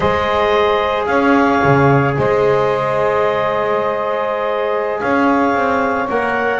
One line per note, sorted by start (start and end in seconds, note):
0.00 1.07 G#3
0.00 6.07 G#4
0.00 1.07 C5
0.00 1.05 D#5
1.05 1.61 C#4
1.05 2.17 C#5
1.05 2.13 F5
1.63 2.17 C#3
2.17 5.01 G#3
2.17 5.00 C5
2.17 5.00 D#5
5.00 5.54 C#4
5.00 6.60 C#5
5.00 6.08 F5
5.54 6.08 C4
6.08 6.60 A#3
6.08 6.60 A#4
6.08 6.60 F#5